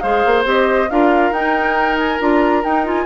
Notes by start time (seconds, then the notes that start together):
0.00 G#3 G#4 C5 F5
0.26 A#3
0.45 C4 G4 D#5
0.90 D4 F4 A#4 F5
1.31 D#4 G5
1.99 G#5
2.20 D4 F4 A#5
2.64 D#4 G5
2.85 F4 G#5